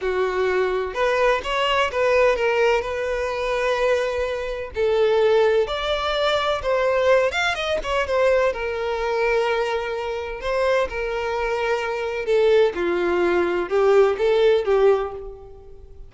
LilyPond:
\new Staff \with { instrumentName = "violin" } { \time 4/4 \tempo 4 = 127 fis'2 b'4 cis''4 | b'4 ais'4 b'2~ | b'2 a'2 | d''2 c''4. f''8 |
dis''8 cis''8 c''4 ais'2~ | ais'2 c''4 ais'4~ | ais'2 a'4 f'4~ | f'4 g'4 a'4 g'4 | }